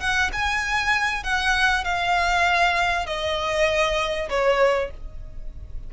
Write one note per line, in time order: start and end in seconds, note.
0.00 0.31 F#5
0.33 1.23 G#5
1.23 1.85 F#5
1.85 3.06 F5
3.06 4.29 D#5
4.29 4.91 C#5